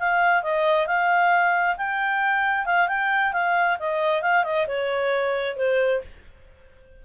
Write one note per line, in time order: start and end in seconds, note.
0.00 0.43 F5
0.43 0.87 D#5
0.87 1.76 F5
1.77 2.66 G5
2.66 2.88 F5
2.88 3.33 G5
3.33 3.78 F5
3.79 4.22 D#5
4.22 4.44 F5
4.44 4.67 D#5
4.68 5.57 C#5
5.57 6.01 C5